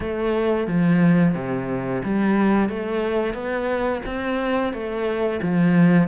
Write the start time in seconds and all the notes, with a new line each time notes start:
0.00 A3
0.67 F3
1.35 C3
2.04 G3
2.69 A3
3.34 B3
4.05 C4
4.73 A3
5.42 F3